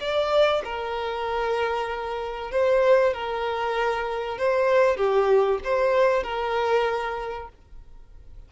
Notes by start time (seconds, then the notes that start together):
0.00 D5
0.64 A#4
2.51 C5
3.13 A#4
4.38 C5
4.97 G4
5.64 C5
6.23 A#4